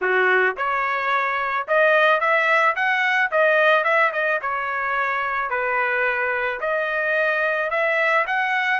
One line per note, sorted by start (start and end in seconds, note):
0.01 0.56 F#4
0.57 1.67 C#5
1.67 2.20 D#5
2.20 2.75 E5
2.75 3.30 F#5
3.31 3.84 D#5
3.84 4.11 E5
4.12 4.39 D#5
4.41 5.49 C#5
5.49 6.60 B4
6.60 7.70 D#5
7.70 8.25 E5
8.26 8.79 F#5